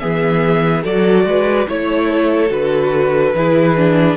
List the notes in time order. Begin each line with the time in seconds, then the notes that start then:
0.00 E3 B3 G#4 E5
0.83 F#3 F#4 A4 D5
1.26 G#3 B4
1.68 A3 E4 C#5
2.10 A4
2.49 D3 F#4 B4
3.35 E3 E4 G#4
3.77 D4